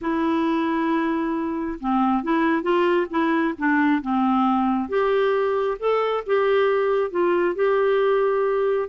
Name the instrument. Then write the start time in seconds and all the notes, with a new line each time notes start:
clarinet
0.01 E4
1.80 C4
2.23 E4
2.62 F4
3.10 E4
3.58 D4
4.01 C4
4.88 G4
5.79 A4
6.26 G4
7.10 F4
7.55 G4